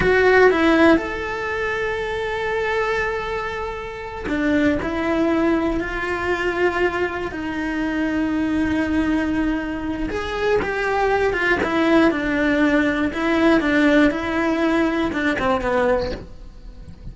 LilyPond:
\new Staff \with { instrumentName = "cello" } { \time 4/4 \tempo 4 = 119 fis'4 e'4 a'2~ | a'1~ | a'8 d'4 e'2 f'8~ | f'2~ f'8 dis'4.~ |
dis'1 | gis'4 g'4. f'8 e'4 | d'2 e'4 d'4 | e'2 d'8 c'8 b4 | }